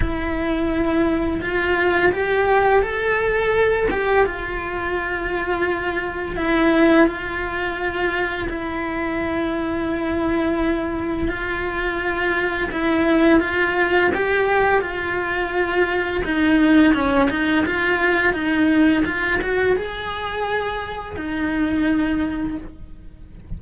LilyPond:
\new Staff \with { instrumentName = "cello" } { \time 4/4 \tempo 4 = 85 e'2 f'4 g'4 | a'4. g'8 f'2~ | f'4 e'4 f'2 | e'1 |
f'2 e'4 f'4 | g'4 f'2 dis'4 | cis'8 dis'8 f'4 dis'4 f'8 fis'8 | gis'2 dis'2 | }